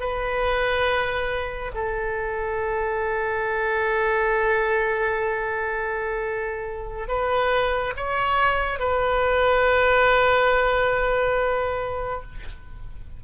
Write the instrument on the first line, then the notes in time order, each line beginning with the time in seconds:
oboe
0.00 B4
1.75 A4
7.08 B4
7.97 C#5
8.79 B4